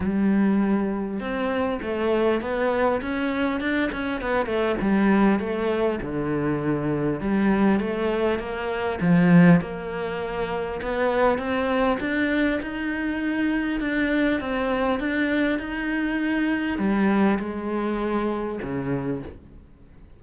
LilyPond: \new Staff \with { instrumentName = "cello" } { \time 4/4 \tempo 4 = 100 g2 c'4 a4 | b4 cis'4 d'8 cis'8 b8 a8 | g4 a4 d2 | g4 a4 ais4 f4 |
ais2 b4 c'4 | d'4 dis'2 d'4 | c'4 d'4 dis'2 | g4 gis2 cis4 | }